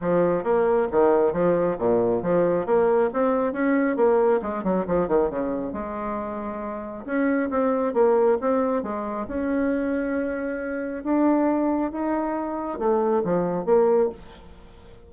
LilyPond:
\new Staff \with { instrumentName = "bassoon" } { \time 4/4 \tempo 4 = 136 f4 ais4 dis4 f4 | ais,4 f4 ais4 c'4 | cis'4 ais4 gis8 fis8 f8 dis8 | cis4 gis2. |
cis'4 c'4 ais4 c'4 | gis4 cis'2.~ | cis'4 d'2 dis'4~ | dis'4 a4 f4 ais4 | }